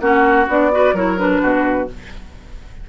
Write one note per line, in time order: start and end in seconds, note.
0.00 0.47 A#3
0.00 0.47 C#4
0.00 0.72 F#4
0.00 0.47 F#5
0.47 0.93 B3
0.47 0.71 D4
0.47 0.97 D5
0.71 0.95 F#4
0.71 0.95 B4
0.93 1.40 F#3
0.93 1.17 E4
0.93 1.42 A#4
0.93 1.18 C#5
1.17 1.88 D4
1.17 1.89 B4
1.42 1.89 B2
1.42 1.88 F#4